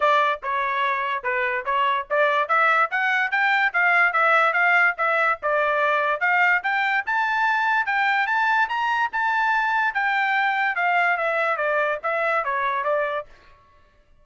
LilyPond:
\new Staff \with { instrumentName = "trumpet" } { \time 4/4 \tempo 4 = 145 d''4 cis''2 b'4 | cis''4 d''4 e''4 fis''4 | g''4 f''4 e''4 f''4 | e''4 d''2 f''4 |
g''4 a''2 g''4 | a''4 ais''4 a''2 | g''2 f''4 e''4 | d''4 e''4 cis''4 d''4 | }